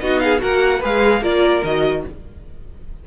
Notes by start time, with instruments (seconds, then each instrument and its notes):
0.00 cello B3, viola D#4, violin F#4 D#5
0.20 violin G#4 F5
0.39 cello A#3, viola F#4, violin A#4 F#5
0.80 cello G#3, viola G#4, violin B4 F5
1.21 cello A#3, viola F4, violin A#4 D5
1.64 cello D#3, viola F#4, violin D#5